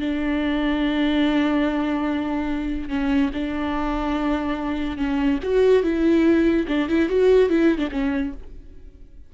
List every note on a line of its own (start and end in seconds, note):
0.00 2.89 D4
2.89 3.31 C#4
3.34 4.98 D4
4.98 5.39 C#4
5.43 5.83 F#4
5.83 6.67 E4
6.68 6.89 D4
6.89 7.09 E4
7.09 7.50 F#4
7.50 7.78 E4
7.78 7.89 D4
7.92 8.33 C#4